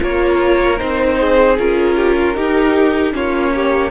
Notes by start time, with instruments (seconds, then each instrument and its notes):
0.00 cello A#3, viola F4, violin A#4 C#5
0.78 cello C4, viola D#4, violin C5
1.20 violin G#4
1.58 cello C#4, viola F4, violin A#4
1.96 violin G4
2.19 violin F4
2.34 viola D#4, cello D#4, violin G4
3.12 cello A#3, viola C#4, violin F4 C#5
3.55 violin G4